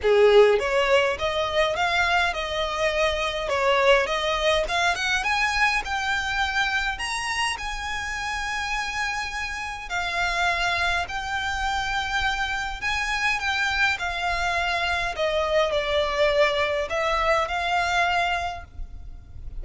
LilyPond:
\new Staff \with { instrumentName = "violin" } { \time 4/4 \tempo 4 = 103 gis'4 cis''4 dis''4 f''4 | dis''2 cis''4 dis''4 | f''8 fis''8 gis''4 g''2 | ais''4 gis''2.~ |
gis''4 f''2 g''4~ | g''2 gis''4 g''4 | f''2 dis''4 d''4~ | d''4 e''4 f''2 | }